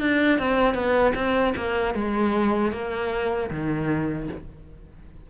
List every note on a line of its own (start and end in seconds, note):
0.00 0.39 D4
0.39 0.74 C4
0.74 1.13 B3
1.15 1.54 C4
1.56 1.94 A#3
1.94 2.72 G#3
2.72 3.50 A#3
3.50 4.28 D#3